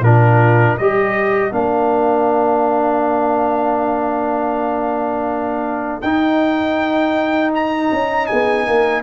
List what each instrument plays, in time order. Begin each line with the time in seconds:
0.00 tuba A#2, trombone D4, horn F4, trumpet A#4
0.78 tuba G3, trombone G4, horn A#4, trumpet D#5
1.52 tuba A#3, trombone D4, trumpet F5
6.02 tuba D#4, trombone D#4, trumpet G5
7.55 trumpet A#5
7.92 tuba C#4
8.27 tuba B3, horn G#4, trumpet G#5
8.67 tuba A#3, horn A#4